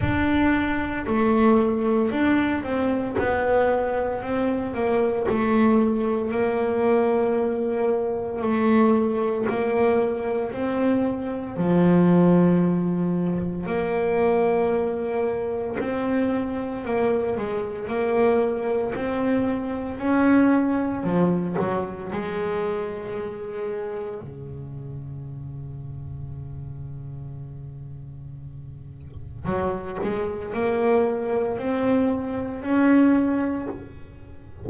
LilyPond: \new Staff \with { instrumentName = "double bass" } { \time 4/4 \tempo 4 = 57 d'4 a4 d'8 c'8 b4 | c'8 ais8 a4 ais2 | a4 ais4 c'4 f4~ | f4 ais2 c'4 |
ais8 gis8 ais4 c'4 cis'4 | f8 fis8 gis2 cis4~ | cis1 | fis8 gis8 ais4 c'4 cis'4 | }